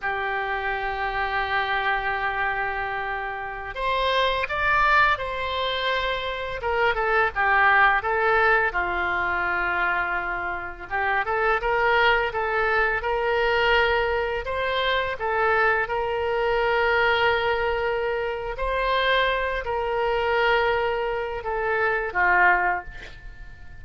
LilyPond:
\new Staff \with { instrumentName = "oboe" } { \time 4/4 \tempo 4 = 84 g'1~ | g'4~ g'16 c''4 d''4 c''8.~ | c''4~ c''16 ais'8 a'8 g'4 a'8.~ | a'16 f'2. g'8 a'16~ |
a'16 ais'4 a'4 ais'4.~ ais'16~ | ais'16 c''4 a'4 ais'4.~ ais'16~ | ais'2 c''4. ais'8~ | ais'2 a'4 f'4 | }